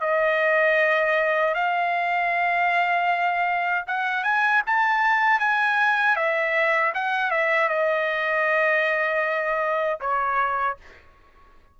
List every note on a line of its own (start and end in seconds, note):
0.00 1.54 D#5
1.54 3.85 F5
3.87 4.23 F#5
4.23 4.62 G#5
4.66 5.40 A5
5.40 6.16 G#5
6.16 6.93 E5
6.94 7.30 F#5
7.30 7.69 E5
7.69 9.99 D#5
10.00 10.77 C#5